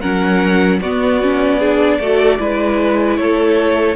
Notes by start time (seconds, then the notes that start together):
0.00 F#3 C#4 A#4 F#5
0.80 B3 F#4 D5
1.22 C#4
1.59 D4 G#4
1.99 A3 F#4 A4
2.38 G#3 E4 B4
3.16 A3 A4 C#5